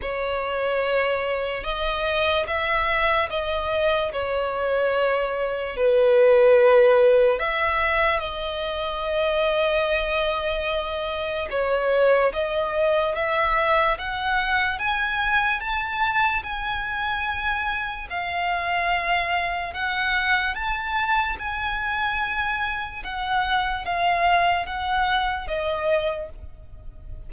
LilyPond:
\new Staff \with { instrumentName = "violin" } { \time 4/4 \tempo 4 = 73 cis''2 dis''4 e''4 | dis''4 cis''2 b'4~ | b'4 e''4 dis''2~ | dis''2 cis''4 dis''4 |
e''4 fis''4 gis''4 a''4 | gis''2 f''2 | fis''4 a''4 gis''2 | fis''4 f''4 fis''4 dis''4 | }